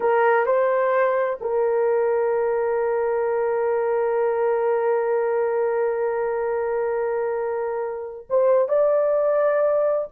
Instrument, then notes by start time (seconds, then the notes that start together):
horn
0.00 A#4
0.45 C5
1.40 A#4
8.29 C5
8.68 D5